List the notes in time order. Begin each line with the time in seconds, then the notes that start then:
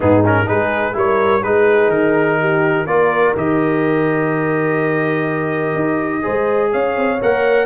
0.00 G#2 B3 D#4 G#4
0.25 C#4 A#4
0.46 G#3 D#4 G#4 B4
0.93 G3 E4 A#4 C#5
1.42 G#3 D#4 G#4 B4
1.88 D#3 A#4
2.40 G4
2.86 A#3 F4 A#4 D5
3.36 D#3 G4 D#5
5.75 D#4
6.22 G#3 G#4 C5
6.71 C#4 C#5 F5
6.96 C4
7.21 A#3 A#4 F#5